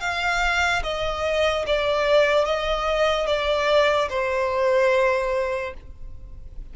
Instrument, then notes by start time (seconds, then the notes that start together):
violin
0.00 F5
0.83 D#5
1.66 D5
2.45 D#5
3.27 D5
4.09 C5